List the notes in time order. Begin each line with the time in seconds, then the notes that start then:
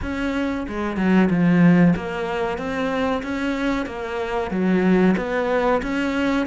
0.02 C#4
0.67 G#3
0.96 F#3
1.29 F3
1.95 A#3
2.58 C4
3.23 C#4
3.86 A#3
4.50 F#3
5.17 B3
5.82 C#4